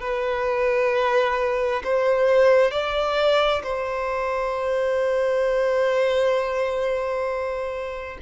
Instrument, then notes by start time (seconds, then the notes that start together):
violin
0.00 B4
1.83 C5
2.71 D5
3.63 C5